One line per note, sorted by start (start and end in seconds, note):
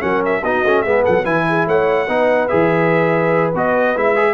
0.00 0.43 F#3
0.00 0.41 C#4
0.00 0.43 A#4
0.00 0.22 F#5
0.25 0.44 E5
0.43 0.64 B3
0.43 0.66 D#4
0.43 0.85 F#4
0.43 0.82 D#5
0.64 0.84 A3
0.64 0.85 C#4
0.82 1.04 G#3
0.82 1.24 B3
0.82 1.03 G#4
0.82 1.03 E5
1.03 1.25 F#3
1.03 1.23 A4
1.03 1.25 F#5
1.23 1.67 E3
1.23 2.07 E4
1.23 1.44 B4
1.23 1.67 G#5
1.49 1.67 G#4
1.67 2.08 A3
1.67 2.09 C#5
1.67 2.48 F#5
2.08 2.49 B3
2.08 2.49 D#4
2.08 4.34 B4
2.48 3.55 E3
2.48 3.53 G#4
2.48 3.51 E5
3.55 3.96 B3
3.55 3.96 F#4
3.55 3.97 D#5
3.96 4.34 G#3
3.96 4.16 E4
3.96 4.34 E5
4.16 4.34 G#4